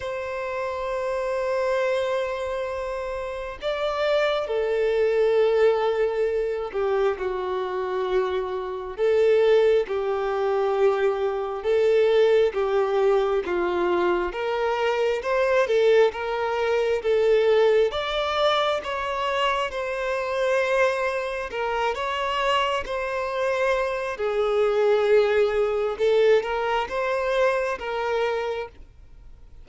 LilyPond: \new Staff \with { instrumentName = "violin" } { \time 4/4 \tempo 4 = 67 c''1 | d''4 a'2~ a'8 g'8 | fis'2 a'4 g'4~ | g'4 a'4 g'4 f'4 |
ais'4 c''8 a'8 ais'4 a'4 | d''4 cis''4 c''2 | ais'8 cis''4 c''4. gis'4~ | gis'4 a'8 ais'8 c''4 ais'4 | }